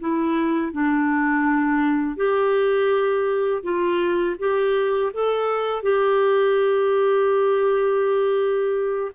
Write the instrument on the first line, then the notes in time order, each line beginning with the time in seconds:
clarinet
0.00 E4
0.72 D4
2.17 G4
3.63 F4
4.39 G4
5.14 A4
5.83 G4